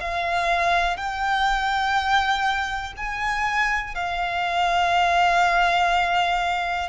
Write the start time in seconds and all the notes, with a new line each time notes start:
0.00 F5
0.97 G5
2.97 G#5
3.95 F5